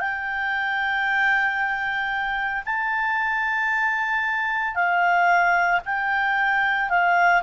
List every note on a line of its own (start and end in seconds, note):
0.00 2.63 G5
2.66 4.75 A5
4.75 5.80 F5
5.85 6.89 G5
6.89 7.42 F5